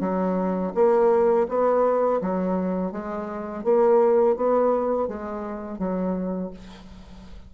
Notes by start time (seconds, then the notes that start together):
0.00 F#3
0.74 A#3
1.48 B3
2.21 F#3
2.91 G#3
3.63 A#3
4.36 B3
5.07 G#3
5.78 F#3